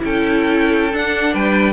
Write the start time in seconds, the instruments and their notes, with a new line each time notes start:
0.00 cello C#4, viola E4, violin A4 G5
0.93 viola D4, cello D4, violin F#5
1.33 cello G3, violin B4 G5